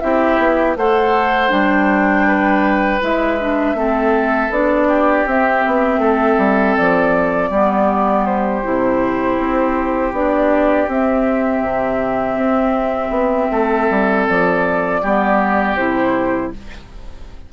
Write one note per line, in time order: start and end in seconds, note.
0.00 0.38 C4
0.00 0.76 E4
0.00 0.78 G4
0.00 0.75 E5
0.38 0.75 B3
0.75 1.50 A3
0.75 1.48 A4
0.75 2.27 C5
0.75 1.51 F#5
1.48 3.01 G3
1.48 2.98 D4
1.48 3.01 G5
2.27 3.77 B4
3.01 3.74 G#3
3.01 3.38 E4
3.01 4.52 E5
3.40 3.75 D4
3.74 4.49 A3
3.74 4.50 C4
3.74 4.88 A4
4.50 5.25 B3
4.50 5.27 D4
4.50 5.27 D5
4.88 6.00 G4
5.26 5.63 C4
5.26 7.52 C4
5.26 6.77 E5
5.66 5.97 B3
5.97 6.35 A3
5.97 7.50 A4
6.38 6.75 G3
6.77 7.50 F3
6.77 8.26 D5
7.50 8.62 G3
7.50 8.63 B3
7.50 13.50 G4
8.26 10.13 C5
8.63 9.38 C3
8.63 10.12 E4
9.38 10.12 C4
10.12 10.87 B3
10.12 10.88 D4
10.12 10.89 D5
10.88 11.62 C4
10.88 15.01 C4
10.88 14.27 E5
11.62 12.36 C3
12.36 13.10 C4
13.10 13.47 B3
13.51 13.89 A3
13.51 15.01 A4
13.90 14.27 G3
14.27 15.03 F3
14.27 15.76 D5
15.02 15.76 G3
15.02 15.77 B3
15.02 16.52 G4
15.76 16.51 C3
15.76 16.52 E4
15.76 16.51 C5